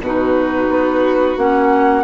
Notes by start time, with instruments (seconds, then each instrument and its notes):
0.00 bassoon B2, clarinet D#4, violin F#4, flute B4
0.68 bassoon B3
1.37 bassoon A#3, clarinet C#4, flute F#5